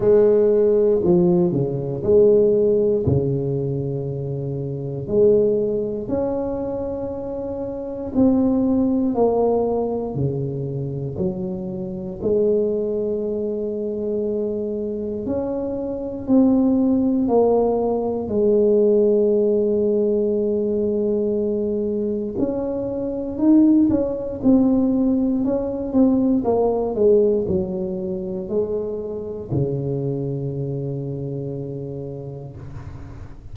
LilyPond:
\new Staff \with { instrumentName = "tuba" } { \time 4/4 \tempo 4 = 59 gis4 f8 cis8 gis4 cis4~ | cis4 gis4 cis'2 | c'4 ais4 cis4 fis4 | gis2. cis'4 |
c'4 ais4 gis2~ | gis2 cis'4 dis'8 cis'8 | c'4 cis'8 c'8 ais8 gis8 fis4 | gis4 cis2. | }